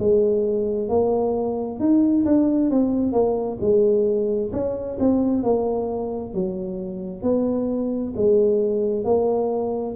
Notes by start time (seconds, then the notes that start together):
0.00 G#3
0.89 A#3
1.80 D#4
2.26 D4
2.71 C4
3.13 A#3
3.61 G#3
4.53 C#4
5.00 C4
5.44 A#3
6.34 F#3
7.23 B3
8.17 G#3
9.05 A#3